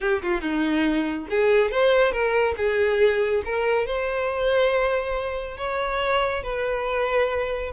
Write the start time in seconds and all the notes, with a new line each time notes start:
0.00 G4
0.22 F4
0.41 D#4
1.29 G#4
1.71 C5
2.12 A#4
2.57 G#4
3.44 A#4
3.86 C5
5.57 C#5
6.43 B4